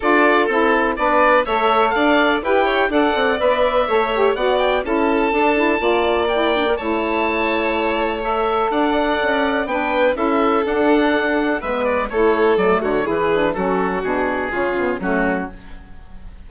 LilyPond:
<<
  \new Staff \with { instrumentName = "oboe" } { \time 4/4 \tempo 4 = 124 d''4 a'4 d''4 e''4 | f''4 g''4 fis''4 e''4~ | e''4 fis''8 g''8 a''2~ | a''4 g''4 a''2~ |
a''4 e''4 fis''2 | g''4 e''4 fis''2 | e''8 d''8 cis''4 d''8 cis''8 b'4 | a'4 gis'2 fis'4 | }
  \new Staff \with { instrumentName = "violin" } { \time 4/4 a'2 b'4 cis''4 | d''4 b'8 cis''8 d''2 | cis''4 d''4 a'2 | d''2 cis''2~ |
cis''2 d''2 | b'4 a'2. | b'4 a'4. fis'8 gis'4 | fis'2 f'4 cis'4 | }
  \new Staff \with { instrumentName = "saxophone" } { \time 4/4 f'4 e'4 d'4 a'4~ | a'4 g'4 a'4 b'4 | a'8 g'8 fis'4 e'4 d'8 e'8 | f'4 e'8 d'16 ais'16 e'2~ |
e'4 a'2. | d'4 e'4 d'2 | b4 e'4 a4 e'8 d'8 | cis'4 d'4 cis'8 b8 a4 | }
  \new Staff \with { instrumentName = "bassoon" } { \time 4/4 d'4 c'4 b4 a4 | d'4 e'4 d'8 c'8 b4 | a4 b4 cis'4 d'4 | ais2 a2~ |
a2 d'4 cis'4 | b4 cis'4 d'2 | gis4 a4 fis8 d8 e4 | fis4 b,4 cis4 fis4 | }
>>